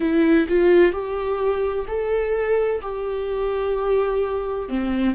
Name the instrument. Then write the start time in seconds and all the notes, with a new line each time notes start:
viola
0.00 E4
0.48 F4
0.92 G4
1.87 A4
2.81 G4
4.69 C4